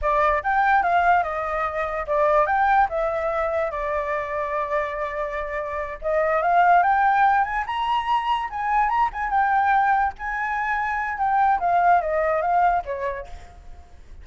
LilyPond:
\new Staff \with { instrumentName = "flute" } { \time 4/4 \tempo 4 = 145 d''4 g''4 f''4 dis''4~ | dis''4 d''4 g''4 e''4~ | e''4 d''2.~ | d''2~ d''8 dis''4 f''8~ |
f''8 g''4. gis''8 ais''4.~ | ais''8 gis''4 ais''8 gis''8 g''4.~ | g''8 gis''2~ gis''8 g''4 | f''4 dis''4 f''4 cis''4 | }